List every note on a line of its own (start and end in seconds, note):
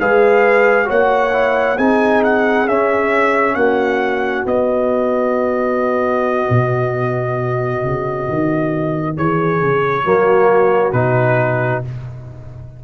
0.00 0.90 G#3
0.00 0.85 G#4
0.00 0.87 B4
0.00 0.90 F5
0.85 1.78 A#3
0.85 1.30 F#4
0.85 1.77 C#5
0.85 1.78 F#5
1.33 1.78 E4
1.77 2.66 C4
1.77 2.68 D#4
1.77 3.56 G#4
1.77 2.23 G#5
2.24 2.68 F#5
2.66 3.56 C#4
2.66 4.48 C#4
2.66 3.55 E5
3.55 4.45 A#3
3.55 9.16 F#4
3.55 4.45 F#5
4.46 6.47 B3
4.46 10.05 B3
4.46 9.17 D#5
6.50 7.84 B2
7.84 8.29 C#3
8.29 9.18 D#3
9.17 9.61 E3
9.17 10.05 G#4
9.17 10.93 C#5
9.61 10.06 C#3
10.05 10.93 F#3
10.05 10.95 A#3
10.05 11.84 F#4
10.93 11.83 B2
10.93 11.84 D#4
10.93 11.82 B4